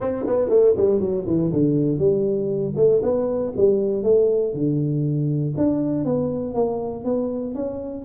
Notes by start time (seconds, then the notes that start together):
0.00 C4
0.26 B3
0.49 A3
0.76 G3
1.00 F#3
1.27 E3
1.52 D3
1.98 G3
2.76 A3
3.02 B3
3.56 G3
4.03 A3
4.53 D3
5.57 D4
6.04 B3
6.54 A#3
7.04 B3
7.54 C#4